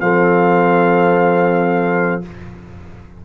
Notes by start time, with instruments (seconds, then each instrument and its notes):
0.00 tuba F3, trombone C4, horn A4, trumpet F5